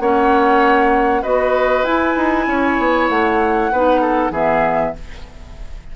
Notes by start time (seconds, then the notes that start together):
0.00 A#3 C#4 C#5 F#5
1.22 B3 F#4 B4 D#5
1.84 E4 G#5
2.17 D#4
2.47 C#4 C#5
2.79 B3
3.09 A3 F#5
3.72 B3 D#4 B4
4.01 A4
4.31 E3 B3 G#4 E5